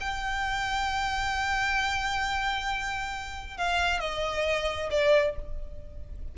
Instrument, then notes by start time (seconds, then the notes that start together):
violin
0.00 G5
3.57 F5
4.00 D#5
4.90 D5